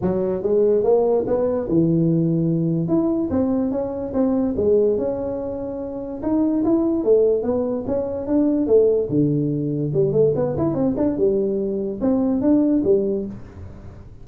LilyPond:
\new Staff \with { instrumentName = "tuba" } { \time 4/4 \tempo 4 = 145 fis4 gis4 ais4 b4 | e2. e'4 | c'4 cis'4 c'4 gis4 | cis'2. dis'4 |
e'4 a4 b4 cis'4 | d'4 a4 d2 | g8 a8 b8 e'8 c'8 d'8 g4~ | g4 c'4 d'4 g4 | }